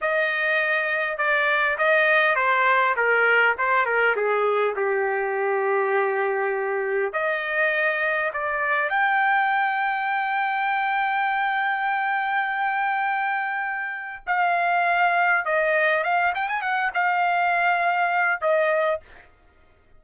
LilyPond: \new Staff \with { instrumentName = "trumpet" } { \time 4/4 \tempo 4 = 101 dis''2 d''4 dis''4 | c''4 ais'4 c''8 ais'8 gis'4 | g'1 | dis''2 d''4 g''4~ |
g''1~ | g''1 | f''2 dis''4 f''8 g''16 gis''16 | fis''8 f''2~ f''8 dis''4 | }